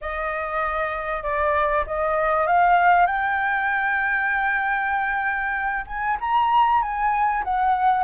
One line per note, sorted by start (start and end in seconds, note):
0.01 1.22 D#5
1.22 1.84 D5
1.86 2.46 D#5
2.46 3.06 F5
3.06 5.84 G5
5.87 6.17 G#5
6.20 6.82 A#5
6.82 7.43 G#5
7.43 8.03 F#5